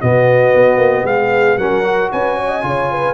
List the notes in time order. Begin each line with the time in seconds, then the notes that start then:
0.00 B2 B3 F#4 D#5
0.54 B3
0.77 A#3
1.04 G#3 G#4 F5
1.58 F#3 C#4 A#4 F#5
1.84 F#4
2.12 C#4 B4 G#5
2.37 C#5
2.49 D#5
2.62 C#3 F4 C#5
2.92 B4